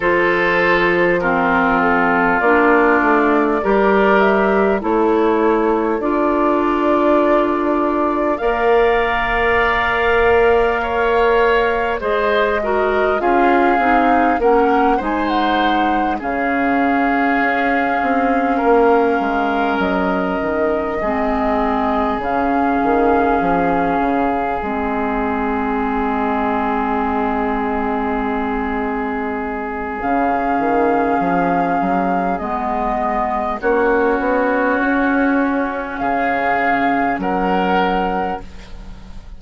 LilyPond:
<<
  \new Staff \with { instrumentName = "flute" } { \time 4/4 \tempo 4 = 50 c''4 ais'8 a'8 d''4. e''8 | cis''4 d''2 f''4~ | f''2 dis''4 f''4 | fis''8 gis''16 fis''8. f''2~ f''8~ |
f''8 dis''2 f''4.~ | f''8 dis''2.~ dis''8~ | dis''4 f''2 dis''4 | cis''2 f''4 fis''4 | }
  \new Staff \with { instrumentName = "oboe" } { \time 4/4 a'4 f'2 ais'4 | a'2. d''4~ | d''4 cis''4 c''8 ais'8 gis'4 | ais'8 c''4 gis'2 ais'8~ |
ais'4. gis'2~ gis'8~ | gis'1~ | gis'1 | fis'2 gis'4 ais'4 | }
  \new Staff \with { instrumentName = "clarinet" } { \time 4/4 f'4 c'4 d'4 g'4 | e'4 f'2 ais'4~ | ais'2 gis'8 fis'8 f'8 dis'8 | cis'8 dis'4 cis'2~ cis'8~ |
cis'4. c'4 cis'4.~ | cis'8 c'2.~ c'8~ | c'4 cis'2 b4 | cis'1 | }
  \new Staff \with { instrumentName = "bassoon" } { \time 4/4 f2 ais8 a8 g4 | a4 d'2 ais4~ | ais2 gis4 cis'8 c'8 | ais8 gis4 cis4 cis'8 c'8 ais8 |
gis8 fis8 dis8 gis4 cis8 dis8 f8 | cis8 gis2.~ gis8~ | gis4 cis8 dis8 f8 fis8 gis4 | ais8 b8 cis'4 cis4 fis4 | }
>>